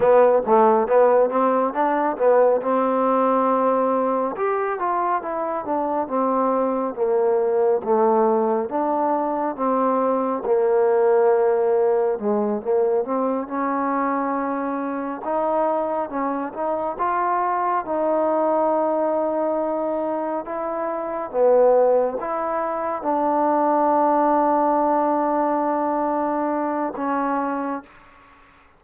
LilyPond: \new Staff \with { instrumentName = "trombone" } { \time 4/4 \tempo 4 = 69 b8 a8 b8 c'8 d'8 b8 c'4~ | c'4 g'8 f'8 e'8 d'8 c'4 | ais4 a4 d'4 c'4 | ais2 gis8 ais8 c'8 cis'8~ |
cis'4. dis'4 cis'8 dis'8 f'8~ | f'8 dis'2. e'8~ | e'8 b4 e'4 d'4.~ | d'2. cis'4 | }